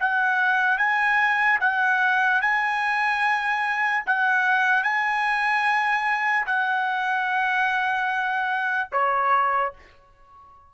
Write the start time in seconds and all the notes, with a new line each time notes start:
0.00 F#5
0.78 G#5
1.61 F#5
2.42 G#5
4.07 F#5
4.84 G#5
6.46 F#5
8.92 C#5